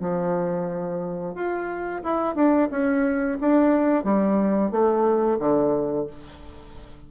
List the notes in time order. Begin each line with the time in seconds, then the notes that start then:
0.00 F3
1.35 F4
2.03 E4
2.35 D4
2.71 C#4
3.41 D4
4.04 G3
4.71 A3
5.40 D3